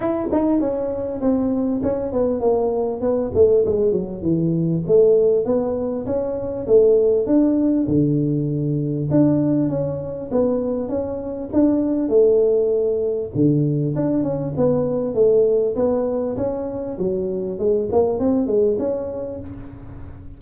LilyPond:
\new Staff \with { instrumentName = "tuba" } { \time 4/4 \tempo 4 = 99 e'8 dis'8 cis'4 c'4 cis'8 b8 | ais4 b8 a8 gis8 fis8 e4 | a4 b4 cis'4 a4 | d'4 d2 d'4 |
cis'4 b4 cis'4 d'4 | a2 d4 d'8 cis'8 | b4 a4 b4 cis'4 | fis4 gis8 ais8 c'8 gis8 cis'4 | }